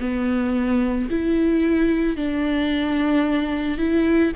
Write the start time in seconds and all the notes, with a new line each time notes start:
0.00 B3
1.10 E4
2.16 D4
3.78 E4